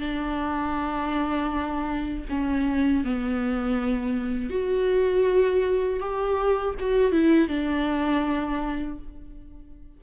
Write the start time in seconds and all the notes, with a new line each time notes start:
0.00 D4
2.30 C#4
3.04 B3
4.50 F#4
6.00 G4
6.80 F#4
7.12 E4
7.48 D4